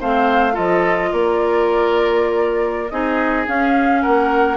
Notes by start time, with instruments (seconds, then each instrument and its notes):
0.00 bassoon A3, clarinet C4, oboe C5, flute F5
0.52 bassoon F3, clarinet F4, oboe A4, flute D#5
1.12 bassoon A#3, oboe A#4, flute D5
2.90 bassoon C4, clarinet D#4, oboe G#4, flute D#5
3.47 clarinet C#4, bassoon C#4, flute F5
4.02 bassoon A#3, oboe A#4, flute F#5